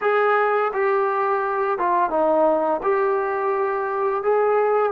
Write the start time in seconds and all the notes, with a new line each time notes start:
0.01 G#4
0.73 G4
1.78 F4
2.10 D#4
2.82 G4
4.23 G#4